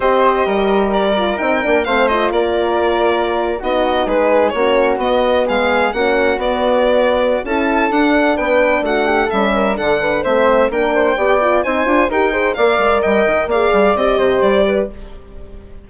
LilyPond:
<<
  \new Staff \with { instrumentName = "violin" } { \time 4/4 \tempo 4 = 129 dis''2 d''4 g''4 | f''8 dis''8 d''2~ d''8. dis''16~ | dis''8. b'4 cis''4 dis''4 f''16~ | f''8. fis''4 d''2~ d''16 |
a''4 fis''4 g''4 fis''4 | e''4 fis''4 e''4 g''4~ | g''4 gis''4 g''4 f''4 | g''4 f''4 dis''4 d''4 | }
  \new Staff \with { instrumentName = "flute" } { \time 4/4 c''4 ais'2. | c''4 ais'2~ ais'8. fis'16~ | fis'8. gis'4 fis'2 gis'16~ | gis'8. fis'2.~ fis'16 |
a'2 b'4 fis'8 g'8 | a'8 ais'8 a'8 b'8 c''4 ais'8 c''8 | d''4 c''4 ais'8 c''8 d''4 | dis''4 d''4. c''4 b'8 | }
  \new Staff \with { instrumentName = "horn" } { \time 4/4 g'2~ g'8 f'8 dis'8 d'8 | c'8 f'2.~ f'16 dis'16~ | dis'4.~ dis'16 cis'4 b4~ b16~ | b8. cis'4 b2~ b16 |
e'4 d'2. | cis'4 d'4 c'4 d'4 | g'8 f'8 dis'8 f'8 g'8 gis'8 ais'4~ | ais'4 gis'4 g'2 | }
  \new Staff \with { instrumentName = "bassoon" } { \time 4/4 c'4 g2 c'8 ais8 | a4 ais2~ ais8. b16~ | b8. gis4 ais4 b4 gis16~ | gis8. ais4 b2~ b16 |
cis'4 d'4 b4 a4 | g4 d4 a4 ais4 | b4 c'8 d'8 dis'4 ais8 gis8 | g8 dis8 ais8 g8 c'8 c8 g4 | }
>>